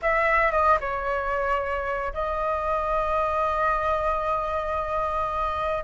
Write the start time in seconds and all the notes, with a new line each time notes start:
0.02 E5
0.51 D#5
0.80 C#5
2.13 D#5